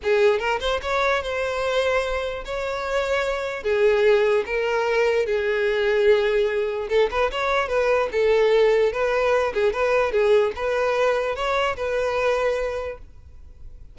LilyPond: \new Staff \with { instrumentName = "violin" } { \time 4/4 \tempo 4 = 148 gis'4 ais'8 c''8 cis''4 c''4~ | c''2 cis''2~ | cis''4 gis'2 ais'4~ | ais'4 gis'2.~ |
gis'4 a'8 b'8 cis''4 b'4 | a'2 b'4. gis'8 | b'4 gis'4 b'2 | cis''4 b'2. | }